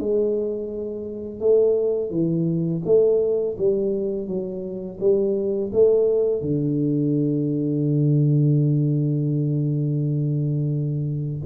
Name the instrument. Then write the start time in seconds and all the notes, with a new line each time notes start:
tuba
0.00 G#3
1.40 A3
2.11 E3
2.85 A3
3.58 G3
4.28 F#3
5.00 G3
5.73 A3
6.42 D3